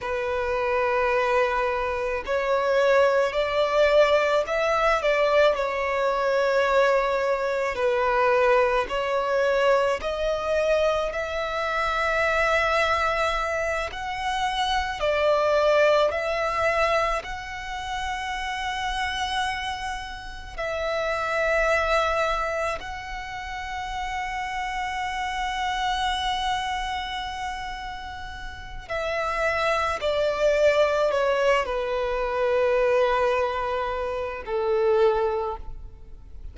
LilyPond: \new Staff \with { instrumentName = "violin" } { \time 4/4 \tempo 4 = 54 b'2 cis''4 d''4 | e''8 d''8 cis''2 b'4 | cis''4 dis''4 e''2~ | e''8 fis''4 d''4 e''4 fis''8~ |
fis''2~ fis''8 e''4.~ | e''8 fis''2.~ fis''8~ | fis''2 e''4 d''4 | cis''8 b'2~ b'8 a'4 | }